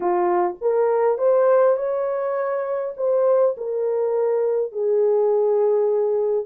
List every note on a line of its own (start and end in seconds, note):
0.00 0.55 F4
0.61 1.17 A#4
1.17 1.76 C5
1.76 2.94 C#5
2.96 3.55 C5
3.57 4.72 A#4
4.72 6.45 G#4